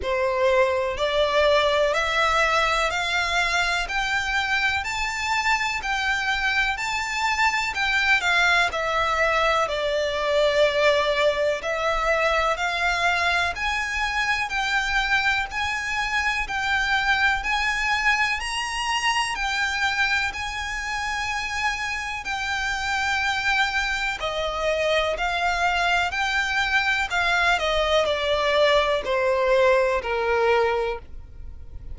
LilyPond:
\new Staff \with { instrumentName = "violin" } { \time 4/4 \tempo 4 = 62 c''4 d''4 e''4 f''4 | g''4 a''4 g''4 a''4 | g''8 f''8 e''4 d''2 | e''4 f''4 gis''4 g''4 |
gis''4 g''4 gis''4 ais''4 | g''4 gis''2 g''4~ | g''4 dis''4 f''4 g''4 | f''8 dis''8 d''4 c''4 ais'4 | }